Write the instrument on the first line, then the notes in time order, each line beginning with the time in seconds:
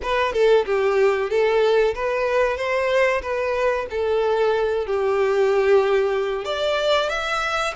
violin
0.02 B4
0.33 A4
0.65 G4
1.29 A4
1.94 B4
2.57 C5
3.21 B4
3.90 A4
4.86 G4
6.44 D5
7.09 E5